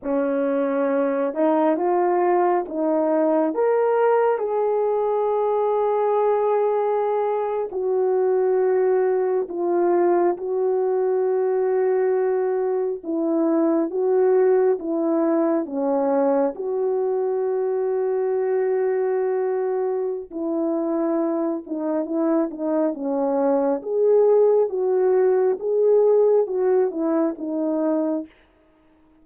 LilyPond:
\new Staff \with { instrumentName = "horn" } { \time 4/4 \tempo 4 = 68 cis'4. dis'8 f'4 dis'4 | ais'4 gis'2.~ | gis'8. fis'2 f'4 fis'16~ | fis'2~ fis'8. e'4 fis'16~ |
fis'8. e'4 cis'4 fis'4~ fis'16~ | fis'2. e'4~ | e'8 dis'8 e'8 dis'8 cis'4 gis'4 | fis'4 gis'4 fis'8 e'8 dis'4 | }